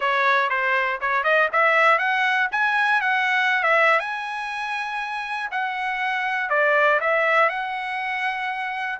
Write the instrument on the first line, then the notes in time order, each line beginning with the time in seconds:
trumpet
0.00 C#5
0.49 C5
1.00 C#5
1.23 D#5
1.52 E5
1.98 F#5
2.51 G#5
3.01 F#5
3.63 E5
3.99 G#5
5.51 F#5
6.49 D5
7.00 E5
7.49 F#5